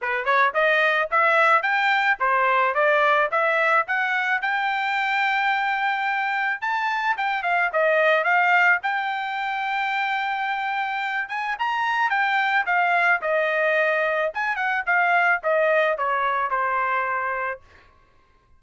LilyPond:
\new Staff \with { instrumentName = "trumpet" } { \time 4/4 \tempo 4 = 109 b'8 cis''8 dis''4 e''4 g''4 | c''4 d''4 e''4 fis''4 | g''1 | a''4 g''8 f''8 dis''4 f''4 |
g''1~ | g''8 gis''8 ais''4 g''4 f''4 | dis''2 gis''8 fis''8 f''4 | dis''4 cis''4 c''2 | }